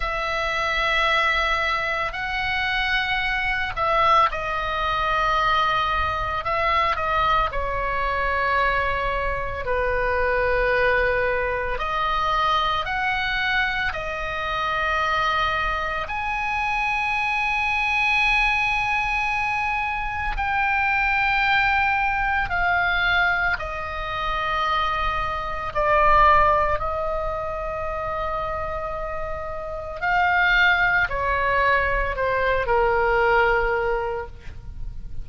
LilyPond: \new Staff \with { instrumentName = "oboe" } { \time 4/4 \tempo 4 = 56 e''2 fis''4. e''8 | dis''2 e''8 dis''8 cis''4~ | cis''4 b'2 dis''4 | fis''4 dis''2 gis''4~ |
gis''2. g''4~ | g''4 f''4 dis''2 | d''4 dis''2. | f''4 cis''4 c''8 ais'4. | }